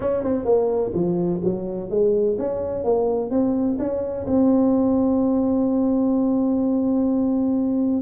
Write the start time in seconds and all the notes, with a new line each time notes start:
0.00 C#4
0.23 C4
0.44 A#3
0.94 F3
1.43 F#3
1.90 G#3
2.38 C#4
2.83 A#3
3.30 C4
3.78 C#4
4.26 C4